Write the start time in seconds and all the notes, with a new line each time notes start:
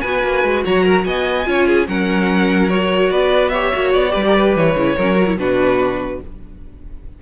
0.00 B3 F#4 B4 G#5
0.23 A#3
0.43 G#3
0.64 F#3 C#5 A#5
0.84 A#4
1.05 B3 D#5 G#5
1.45 C#4 F4 C#5
1.67 G#4
1.87 F#3 C#4 A#4 F#5
2.69 F#4 C#5
3.10 B3 B4 D5
3.48 G4 C#5 E5
3.73 A#3 F#4
3.93 B3 D5
4.09 G3 G4 B4
4.26 A#4
4.35 B4
4.55 E3 C#5
4.75 C#3 E4
4.96 F#3 C#4 A#4
5.15 F#4
5.26 E4
5.37 B2 D4 F#4 B4